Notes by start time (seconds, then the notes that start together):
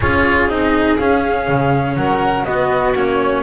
0.00 C#4 F4 G#4 C#5
0.48 C4 D#4 D#5
0.98 C#4 F5
1.48 C#3
1.95 F#3 A#4 F#5
2.44 B3 F#4 D#5
2.95 A#3 C#4 C#5